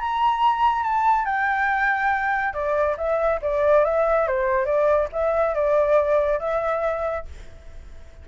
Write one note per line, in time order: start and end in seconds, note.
0.00 0.84 A#5
0.84 1.26 A5
1.26 2.54 G5
2.54 2.97 D5
2.97 3.40 E5
3.42 3.85 D5
3.85 4.28 E5
4.28 4.66 C5
4.66 5.09 D5
5.13 5.55 E5
5.55 6.40 D5
6.40 7.26 E5